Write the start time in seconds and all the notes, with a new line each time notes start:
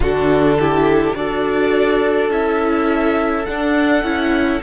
0.00 D3 D4 F#4 A4
0.59 E4 G4
1.14 D4 F#4 A4 D5
2.30 C#4 E4 E5
3.45 D4 F#5
4.03 C#4 E4